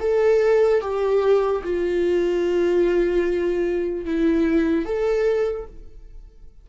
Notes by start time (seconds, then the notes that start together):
0.00 A4
0.81 G4
1.63 F4
4.05 E4
4.85 A4